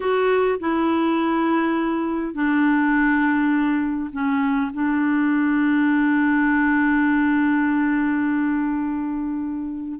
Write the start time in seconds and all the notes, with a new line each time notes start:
0.00 F#4
0.59 E4
2.33 D4
4.12 C#4
4.73 D4